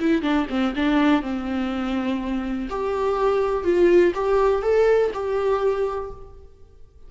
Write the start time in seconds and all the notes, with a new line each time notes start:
0.00 E4
0.22 D4
0.50 C4
0.76 D4
1.22 C4
2.70 G4
3.64 F4
4.15 G4
4.63 A4
5.14 G4